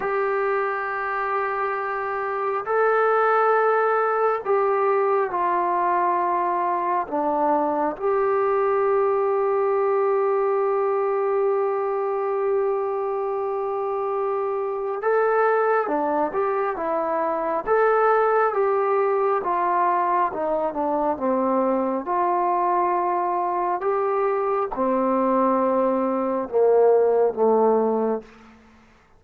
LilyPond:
\new Staff \with { instrumentName = "trombone" } { \time 4/4 \tempo 4 = 68 g'2. a'4~ | a'4 g'4 f'2 | d'4 g'2.~ | g'1~ |
g'4 a'4 d'8 g'8 e'4 | a'4 g'4 f'4 dis'8 d'8 | c'4 f'2 g'4 | c'2 ais4 a4 | }